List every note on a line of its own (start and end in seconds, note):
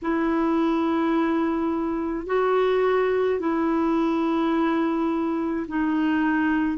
0.02 2.26 E4
2.26 3.39 F#4
3.40 5.66 E4
5.68 6.78 D#4